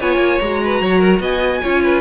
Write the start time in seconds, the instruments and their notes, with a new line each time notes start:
0.00 cello B3, viola F4, violin C#5 G#5
0.17 cello A#3
0.41 cello G#3, viola F#4, violin A#5
0.64 violin B4
0.81 cello F#3, violin C#5
0.99 violin A#4
1.20 cello B3, violin D#5 G#5
1.62 cello C#4, viola F4, violin C#5
1.83 violin B4